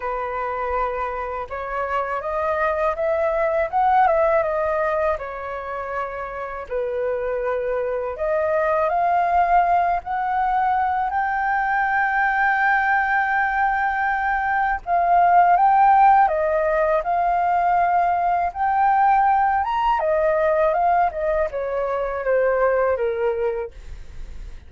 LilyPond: \new Staff \with { instrumentName = "flute" } { \time 4/4 \tempo 4 = 81 b'2 cis''4 dis''4 | e''4 fis''8 e''8 dis''4 cis''4~ | cis''4 b'2 dis''4 | f''4. fis''4. g''4~ |
g''1 | f''4 g''4 dis''4 f''4~ | f''4 g''4. ais''8 dis''4 | f''8 dis''8 cis''4 c''4 ais'4 | }